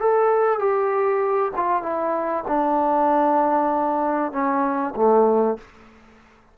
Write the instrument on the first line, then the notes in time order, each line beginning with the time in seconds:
trombone
0.00 A4
0.59 G4
1.56 F4
1.82 E4
2.47 D4
4.32 C#4
4.96 A3